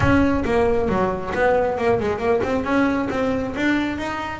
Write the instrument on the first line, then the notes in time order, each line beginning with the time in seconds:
double bass
0.00 C#4
0.45 A#3
0.88 F#3
1.34 B3
1.77 A#3
2.00 G#3
2.18 A#3
2.43 C4
2.64 C#4
3.10 C4
3.56 D4
3.98 D#4